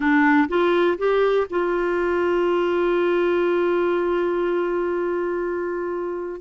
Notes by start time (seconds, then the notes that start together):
0.00 D4
0.48 F4
0.97 G4
1.50 F4